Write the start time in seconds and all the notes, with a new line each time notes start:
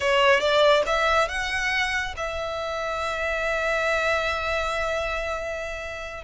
0.00 C#5
0.40 D5
0.86 E5
1.28 F#5
2.16 E5